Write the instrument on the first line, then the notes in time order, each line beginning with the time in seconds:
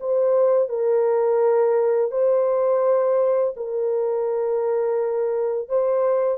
horn
0.00 C5
0.69 A#4
2.11 C5
3.56 A#4
5.69 C5